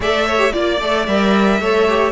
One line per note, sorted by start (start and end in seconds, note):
0.00 0.52 A3
0.00 0.37 A4
0.00 0.25 D5
0.00 0.52 E5
0.25 0.52 C#5
0.37 0.51 G4
0.52 0.81 A#3
0.52 0.79 F4
0.52 1.05 D5
0.52 1.60 D5
0.81 1.07 A3
0.81 1.08 A4
1.06 1.59 G3
1.06 1.62 A#4
1.06 2.11 E5
1.59 2.11 A3
1.59 1.88 A4
1.59 2.11 C#5
1.88 2.11 G4